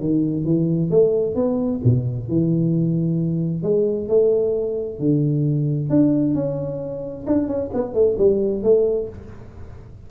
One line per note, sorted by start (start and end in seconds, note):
0.00 0.45 D#3
0.45 0.90 E3
0.90 1.35 A3
1.35 1.80 B3
1.84 2.28 B2
2.28 3.63 E3
3.63 4.08 G#3
4.08 4.99 A3
4.99 5.90 D3
5.90 6.34 D4
6.34 7.25 C#4
7.27 7.48 D4
7.48 7.70 C#4
7.74 7.94 B3
7.94 8.17 A3
8.18 8.63 G3
8.63 9.09 A3